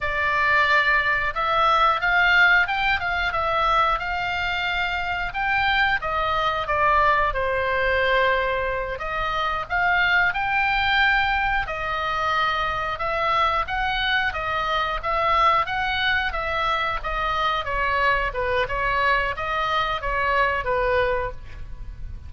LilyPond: \new Staff \with { instrumentName = "oboe" } { \time 4/4 \tempo 4 = 90 d''2 e''4 f''4 | g''8 f''8 e''4 f''2 | g''4 dis''4 d''4 c''4~ | c''4. dis''4 f''4 g''8~ |
g''4. dis''2 e''8~ | e''8 fis''4 dis''4 e''4 fis''8~ | fis''8 e''4 dis''4 cis''4 b'8 | cis''4 dis''4 cis''4 b'4 | }